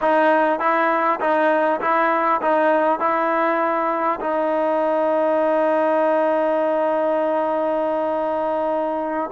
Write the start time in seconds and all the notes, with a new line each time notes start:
0.01 D#4
0.59 E4
1.20 D#4
1.80 E4
2.41 D#4
2.99 E4
4.20 D#4